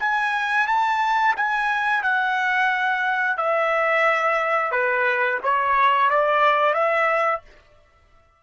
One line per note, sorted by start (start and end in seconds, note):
0.00 0.67 G#5
0.67 1.35 A5
1.37 2.03 G#5
2.03 3.37 F#5
3.37 4.72 E5
4.72 5.39 B4
5.43 6.10 C#5
6.10 6.74 D5
6.74 7.41 E5